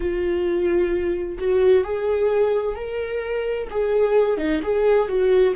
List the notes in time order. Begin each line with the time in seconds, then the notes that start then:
0.00 F4
1.38 F#4
1.83 G#4
2.75 A#4
3.70 G#4
4.37 D#4
4.62 G#4
5.08 F#4